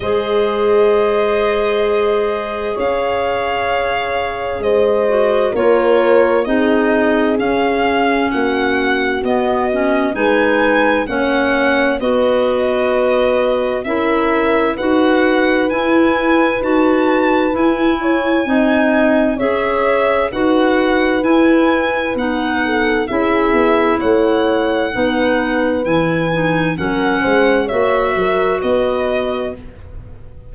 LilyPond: <<
  \new Staff \with { instrumentName = "violin" } { \time 4/4 \tempo 4 = 65 dis''2. f''4~ | f''4 dis''4 cis''4 dis''4 | f''4 fis''4 dis''4 gis''4 | fis''4 dis''2 e''4 |
fis''4 gis''4 a''4 gis''4~ | gis''4 e''4 fis''4 gis''4 | fis''4 e''4 fis''2 | gis''4 fis''4 e''4 dis''4 | }
  \new Staff \with { instrumentName = "horn" } { \time 4/4 c''2. cis''4~ | cis''4 c''4 ais'4 gis'4~ | gis'4 fis'2 b'4 | cis''4 b'2 ais'4 |
b'2.~ b'8 cis''8 | dis''4 cis''4 b'2~ | b'8 a'8 gis'4 cis''4 b'4~ | b'4 ais'8 c''8 cis''8 ais'8 b'4 | }
  \new Staff \with { instrumentName = "clarinet" } { \time 4/4 gis'1~ | gis'4. fis'8 f'4 dis'4 | cis'2 b8 cis'8 dis'4 | cis'4 fis'2 e'4 |
fis'4 e'4 fis'4 e'4 | dis'4 gis'4 fis'4 e'4 | dis'4 e'2 dis'4 | e'8 dis'8 cis'4 fis'2 | }
  \new Staff \with { instrumentName = "tuba" } { \time 4/4 gis2. cis'4~ | cis'4 gis4 ais4 c'4 | cis'4 ais4 b4 gis4 | ais4 b2 cis'4 |
dis'4 e'4 dis'4 e'4 | c'4 cis'4 dis'4 e'4 | b4 cis'8 b8 a4 b4 | e4 fis8 gis8 ais8 fis8 b4 | }
>>